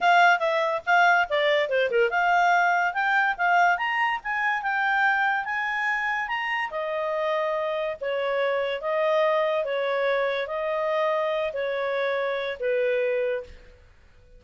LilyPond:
\new Staff \with { instrumentName = "clarinet" } { \time 4/4 \tempo 4 = 143 f''4 e''4 f''4 d''4 | c''8 ais'8 f''2 g''4 | f''4 ais''4 gis''4 g''4~ | g''4 gis''2 ais''4 |
dis''2. cis''4~ | cis''4 dis''2 cis''4~ | cis''4 dis''2~ dis''8 cis''8~ | cis''2 b'2 | }